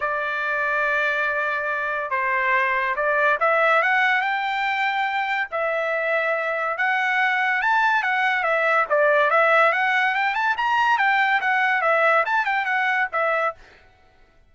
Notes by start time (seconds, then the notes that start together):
0.00 D5
2.10 C5
2.96 D5
3.40 E5
3.82 F#5
4.21 G5
5.51 E5
6.77 F#5
7.61 A5
8.02 F#5
8.43 E5
8.89 D5
9.30 E5
9.72 F#5
10.14 G5
10.34 A5
10.57 A#5
10.98 G5
11.40 F#5
11.81 E5
12.25 A5
12.45 G5
12.65 F#5
13.12 E5